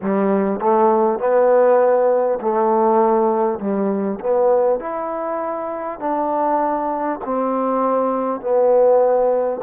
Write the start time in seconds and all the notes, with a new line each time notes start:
0.02 G3
0.59 A3
1.19 B3
2.41 A3
3.59 G3
4.20 B3
4.79 E4
5.99 D4
7.24 C4
8.41 B3